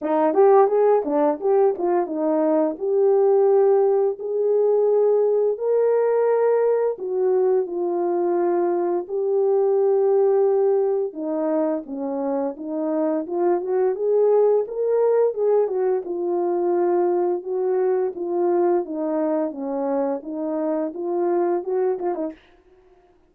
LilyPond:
\new Staff \with { instrumentName = "horn" } { \time 4/4 \tempo 4 = 86 dis'8 g'8 gis'8 d'8 g'8 f'8 dis'4 | g'2 gis'2 | ais'2 fis'4 f'4~ | f'4 g'2. |
dis'4 cis'4 dis'4 f'8 fis'8 | gis'4 ais'4 gis'8 fis'8 f'4~ | f'4 fis'4 f'4 dis'4 | cis'4 dis'4 f'4 fis'8 f'16 dis'16 | }